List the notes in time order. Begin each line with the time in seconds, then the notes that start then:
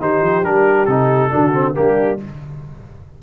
0.00 D#3 D#4 G4 C5
0.22 F3
0.43 G3 D4 A#4
0.85 C3 D#4 A4
1.30 D3 D4 F#4
1.53 C4
1.74 G3 A#3 D4 G4